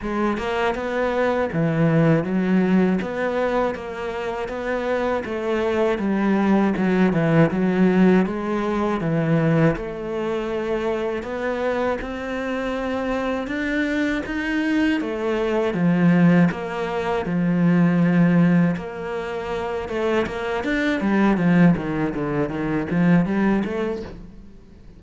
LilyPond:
\new Staff \with { instrumentName = "cello" } { \time 4/4 \tempo 4 = 80 gis8 ais8 b4 e4 fis4 | b4 ais4 b4 a4 | g4 fis8 e8 fis4 gis4 | e4 a2 b4 |
c'2 d'4 dis'4 | a4 f4 ais4 f4~ | f4 ais4. a8 ais8 d'8 | g8 f8 dis8 d8 dis8 f8 g8 a8 | }